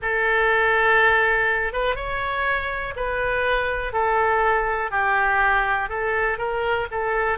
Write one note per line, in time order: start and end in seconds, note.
0.02 1.72 A4
1.72 1.95 B4
1.95 2.94 C#5
2.96 3.92 B4
3.92 4.90 A4
4.90 5.89 G4
5.89 6.38 A4
6.38 6.87 A#4
6.91 7.38 A4